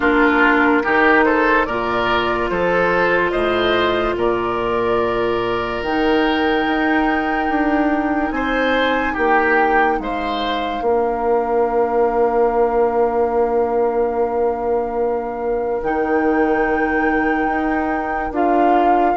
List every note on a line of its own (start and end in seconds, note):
0.00 0.83 A#3
0.00 0.83 D4
0.00 0.82 F4
0.00 1.24 A#4
0.83 1.66 D#3
0.83 1.66 D#4
0.83 1.24 G4
1.24 1.66 A4
1.24 1.65 C5
1.65 2.50 A#2
1.65 5.85 F4
1.65 2.50 A#4
1.65 2.48 D5
2.49 3.33 F3
2.49 3.31 A4
2.49 3.30 C5
3.30 4.15 A2
3.30 4.15 C5
3.30 4.14 D#5
4.15 5.82 A#2
4.15 8.34 A#4
4.15 5.83 D5
5.82 6.65 D#3
5.82 10.85 D#4
5.82 8.31 G5
6.67 7.49 D#4
7.49 8.30 D4
8.30 9.14 C4
8.30 9.13 C5
8.30 9.14 G#5
9.13 9.99 A#3
9.13 9.96 G4
9.13 9.99 G5
9.99 10.81 G#3
9.99 10.83 C5
9.99 15.82 F5
10.81 15.81 A#3
10.81 15.83 D4
10.81 19.16 A#4
15.82 17.46 D#3
15.82 18.33 D#4
15.82 18.33 G5
17.46 18.30 D#4
18.31 19.14 D4
18.31 19.16 F4
18.31 19.16 F5